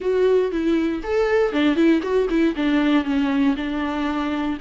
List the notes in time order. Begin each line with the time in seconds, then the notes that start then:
0.00 F#4
0.51 E4
1.03 A4
1.52 D4
1.75 E4
2.02 F#4
2.29 E4
2.55 D4
3.04 C#4
3.56 D4